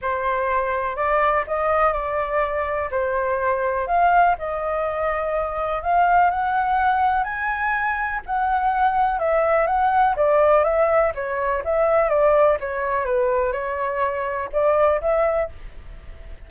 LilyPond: \new Staff \with { instrumentName = "flute" } { \time 4/4 \tempo 4 = 124 c''2 d''4 dis''4 | d''2 c''2 | f''4 dis''2. | f''4 fis''2 gis''4~ |
gis''4 fis''2 e''4 | fis''4 d''4 e''4 cis''4 | e''4 d''4 cis''4 b'4 | cis''2 d''4 e''4 | }